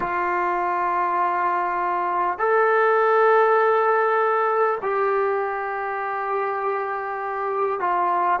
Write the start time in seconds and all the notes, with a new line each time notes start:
0.00 F4
2.38 A4
4.82 G4
7.80 F4